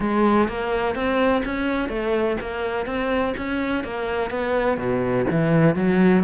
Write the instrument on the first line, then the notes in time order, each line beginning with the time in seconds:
cello
0.00 G#3
0.48 A#3
0.95 C4
1.44 C#4
1.89 A3
2.40 A#3
2.86 C4
3.37 C#4
3.84 A#3
4.30 B3
4.77 B2
5.30 E3
5.75 F#3